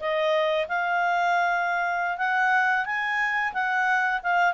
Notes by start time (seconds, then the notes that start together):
0.00 D#5
0.68 F5
2.18 F#5
2.86 G#5
3.54 F#5
4.23 F5